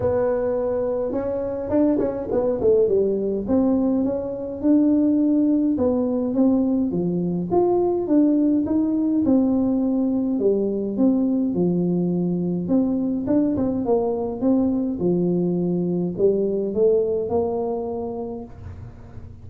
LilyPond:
\new Staff \with { instrumentName = "tuba" } { \time 4/4 \tempo 4 = 104 b2 cis'4 d'8 cis'8 | b8 a8 g4 c'4 cis'4 | d'2 b4 c'4 | f4 f'4 d'4 dis'4 |
c'2 g4 c'4 | f2 c'4 d'8 c'8 | ais4 c'4 f2 | g4 a4 ais2 | }